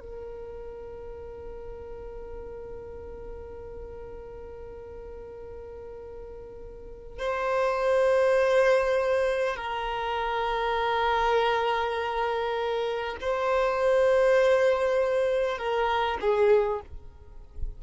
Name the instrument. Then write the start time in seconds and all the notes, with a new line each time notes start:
violin
0.00 A#4
7.18 C5
9.56 A#4
13.20 C5
15.57 A#4
16.20 G#4